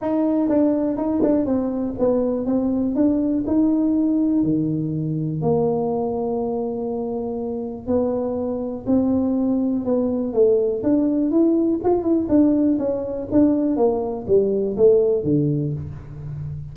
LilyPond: \new Staff \with { instrumentName = "tuba" } { \time 4/4 \tempo 4 = 122 dis'4 d'4 dis'8 d'8 c'4 | b4 c'4 d'4 dis'4~ | dis'4 dis2 ais4~ | ais1 |
b2 c'2 | b4 a4 d'4 e'4 | f'8 e'8 d'4 cis'4 d'4 | ais4 g4 a4 d4 | }